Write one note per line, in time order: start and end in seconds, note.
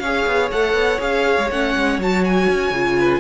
0.00 0.26 C#4
0.00 0.53 G#4
0.00 2.97 C#5
0.00 0.49 F5
0.27 0.51 B3
0.52 0.74 A3
0.52 0.99 A4
0.52 1.01 F#5
0.74 0.98 B3
0.99 1.38 C#4
0.99 1.48 G#4
0.99 1.51 F5
1.38 1.50 G#3
1.51 1.76 A3
1.51 2.01 C#4
1.51 2.00 F#5
1.76 1.99 G#3
1.99 2.48 F#3
1.99 2.75 F#4
1.99 2.25 A5
2.25 3.20 G#5
2.50 2.71 C#4
2.71 3.20 C#3
2.71 3.20 F4
2.99 3.20 B4